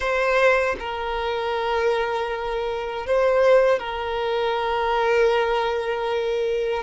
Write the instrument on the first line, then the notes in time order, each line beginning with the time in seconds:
violin
0.00 C5
0.79 A#4
3.06 C5
3.79 A#4